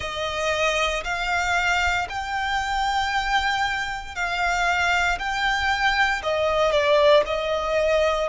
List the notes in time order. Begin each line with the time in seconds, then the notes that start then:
0.00 D#5
1.03 F5
2.09 G5
4.15 F5
5.18 G5
6.23 D#5
6.71 D5
7.26 D#5